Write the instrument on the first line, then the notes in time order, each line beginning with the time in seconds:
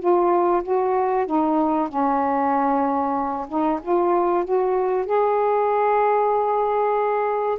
saxophone
0.00 F4
0.63 F#4
1.27 D#4
1.89 C#4
3.49 D#4
3.82 F4
4.45 F#4
5.06 G#4